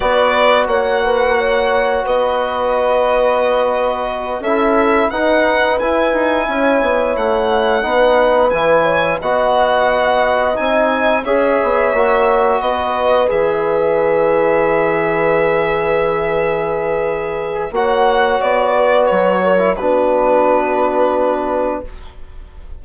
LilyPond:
<<
  \new Staff \with { instrumentName = "violin" } { \time 4/4 \tempo 4 = 88 d''4 fis''2 dis''4~ | dis''2~ dis''8 e''4 fis''8~ | fis''8 gis''2 fis''4.~ | fis''8 gis''4 fis''2 gis''8~ |
gis''8 e''2 dis''4 e''8~ | e''1~ | e''2 fis''4 d''4 | cis''4 b'2. | }
  \new Staff \with { instrumentName = "horn" } { \time 4/4 b'4 cis''8 b'8 cis''4 b'4~ | b'2~ b'8 a'4 b'8~ | b'4. cis''2 b'8~ | b'4 cis''8 dis''2~ dis''8~ |
dis''8 cis''2 b'4.~ | b'1~ | b'2 cis''4. b'8~ | b'8 ais'8 fis'2. | }
  \new Staff \with { instrumentName = "trombone" } { \time 4/4 fis'1~ | fis'2~ fis'8 e'4 dis'8~ | dis'8 e'2. dis'8~ | dis'8 e'4 fis'2 dis'8~ |
dis'8 gis'4 fis'2 gis'8~ | gis'1~ | gis'2 fis'2~ | fis'8. e'16 d'2. | }
  \new Staff \with { instrumentName = "bassoon" } { \time 4/4 b4 ais2 b4~ | b2~ b8 cis'4 dis'8~ | dis'8 e'8 dis'8 cis'8 b8 a4 b8~ | b8 e4 b2 c'8~ |
c'8 cis'8 b8 ais4 b4 e8~ | e1~ | e2 ais4 b4 | fis4 b2. | }
>>